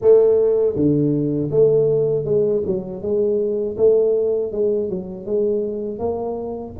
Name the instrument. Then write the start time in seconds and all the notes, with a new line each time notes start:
tuba
0.01 A3
0.75 D3
1.50 A3
2.24 G#3
2.66 F#3
3.02 G#3
3.77 A3
4.52 G#3
4.89 F#3
5.25 G#3
5.98 A#3